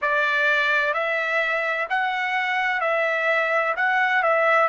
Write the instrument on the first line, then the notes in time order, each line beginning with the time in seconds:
trumpet
0.01 D5
0.93 E5
1.89 F#5
2.80 E5
3.76 F#5
4.22 E5